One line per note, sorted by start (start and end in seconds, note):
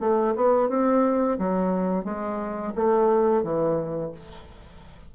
0.00 0.34 A3
0.36 0.69 B3
0.69 1.38 C4
1.39 2.04 F#3
2.04 2.73 G#3
2.75 3.43 A3
3.43 4.12 E3